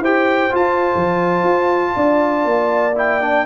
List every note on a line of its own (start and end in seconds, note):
0.00 0.51 E4
0.00 0.51 G4
0.00 1.92 C5
0.00 0.55 G5
0.51 2.92 F4
0.51 0.93 F4
0.51 2.97 A5
0.95 1.44 F3
1.44 1.94 F4
1.95 2.45 D4
1.95 3.46 D5
2.45 3.46 A#3
2.96 3.21 E4
2.96 3.46 G5
3.21 3.46 D4